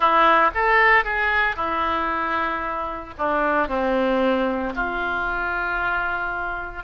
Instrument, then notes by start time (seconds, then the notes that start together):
oboe
0.00 E4
0.54 A4
1.04 G#4
1.56 E4
3.17 D4
3.67 C4
4.75 F4